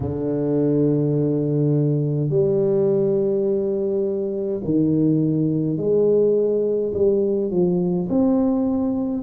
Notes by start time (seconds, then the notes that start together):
0.00 D3
2.29 G3
4.64 D#3
5.77 G#3
6.94 G3
7.50 F3
8.09 C4